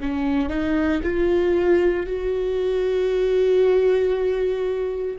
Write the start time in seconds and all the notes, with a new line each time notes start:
0.00 C#4
0.50 D#4
1.03 F4
2.06 F#4